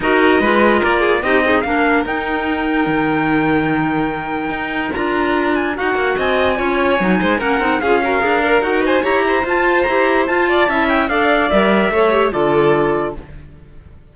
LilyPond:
<<
  \new Staff \with { instrumentName = "trumpet" } { \time 4/4 \tempo 4 = 146 dis''2 d''4 dis''4 | f''4 g''2.~ | g''1 | ais''4. gis''8 fis''4 gis''4~ |
gis''2 fis''4 f''4~ | f''4 fis''8 gis''8 ais''4 a''4 | ais''4 a''4. g''8 f''4 | e''2 d''2 | }
  \new Staff \with { instrumentName = "violin" } { \time 4/4 ais'4 b'4 ais'8 gis'8 g'8 dis'8 | ais'1~ | ais'1~ | ais'2. dis''4 |
cis''4. c''8 ais'4 gis'8 ais'8~ | ais'4. c''8 cis''8 c''4.~ | c''4. d''8 e''4 d''4~ | d''4 cis''4 a'2 | }
  \new Staff \with { instrumentName = "clarinet" } { \time 4/4 fis'4 f'2 dis'8 gis'8 | d'4 dis'2.~ | dis'1 | f'2 fis'2 |
f'4 dis'4 cis'8 dis'8 f'8 fis'8 | gis'8 ais'8 fis'4 g'4 f'4 | g'4 f'4 e'4 a'4 | ais'4 a'8 g'8 f'2 | }
  \new Staff \with { instrumentName = "cello" } { \time 4/4 dis'4 gis4 ais4 c'4 | ais4 dis'2 dis4~ | dis2. dis'4 | d'2 dis'8 ais8 c'4 |
cis'4 fis8 gis8 ais8 c'8 cis'4 | d'4 dis'4 e'4 f'4 | e'4 f'4 cis'4 d'4 | g4 a4 d2 | }
>>